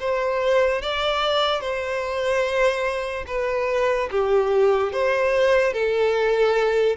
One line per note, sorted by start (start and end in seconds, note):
0.00 0.82 C5
0.82 1.61 D5
1.61 3.25 C5
3.28 4.10 B4
4.11 4.93 G4
4.93 5.73 C5
5.73 6.96 A4